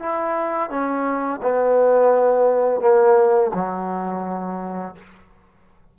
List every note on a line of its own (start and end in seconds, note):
0.00 0.70 E4
0.70 1.41 C#4
1.43 2.81 B3
2.81 3.52 A#3
3.55 4.96 F#3